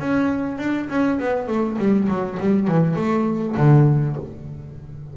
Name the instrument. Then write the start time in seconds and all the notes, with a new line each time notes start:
double bass
0.00 C#4
0.59 D4
0.90 C#4
1.20 B3
1.48 A3
1.79 G3
2.09 F#3
2.40 G3
2.68 E3
2.96 A3
3.58 D3